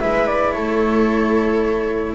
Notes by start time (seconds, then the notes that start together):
0.00 G#3 E4 B4 E5
0.27 D5
0.52 A3 A4 C#5